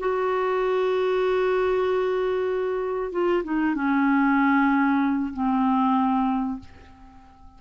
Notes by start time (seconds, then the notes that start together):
0.00 F#4
3.12 F4
3.44 D#4
3.76 C#4
5.34 C4